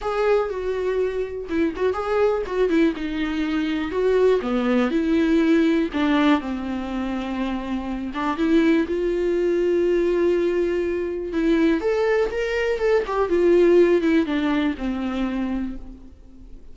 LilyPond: \new Staff \with { instrumentName = "viola" } { \time 4/4 \tempo 4 = 122 gis'4 fis'2 e'8 fis'8 | gis'4 fis'8 e'8 dis'2 | fis'4 b4 e'2 | d'4 c'2.~ |
c'8 d'8 e'4 f'2~ | f'2. e'4 | a'4 ais'4 a'8 g'8 f'4~ | f'8 e'8 d'4 c'2 | }